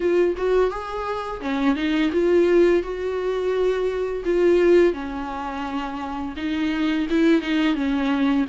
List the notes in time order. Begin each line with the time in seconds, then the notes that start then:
0.00 F4
0.37 F#4
0.70 G#4
1.41 C#4
1.75 D#4
2.12 F4
2.82 F#4
4.24 F4
4.93 C#4
6.36 D#4
7.09 E4
7.41 D#4
7.75 C#4